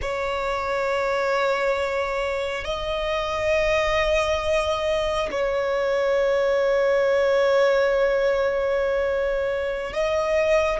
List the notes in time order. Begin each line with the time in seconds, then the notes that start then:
0.01 C#5
2.64 D#5
5.31 C#5
9.93 D#5